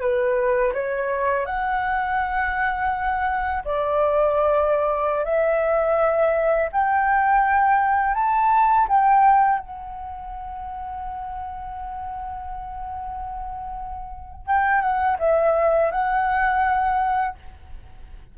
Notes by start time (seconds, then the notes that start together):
0.00 B4
0.73 C#5
1.46 F#5
3.64 D5
5.24 E5
6.72 G5
8.14 A5
8.88 G5
9.59 F#5
14.46 G5
14.81 F#5
15.19 E5
15.91 F#5